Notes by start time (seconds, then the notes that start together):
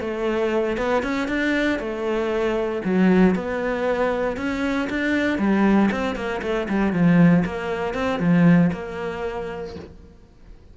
0.00 A3
0.77 B3
1.03 C#4
1.28 D4
1.79 A3
2.84 F#3
3.35 B3
4.37 C#4
4.89 D4
5.38 G3
5.91 C4
6.15 A#3
6.42 A3
6.69 G3
6.92 F3
7.45 A#3
7.94 C4
8.19 F3
8.72 A#3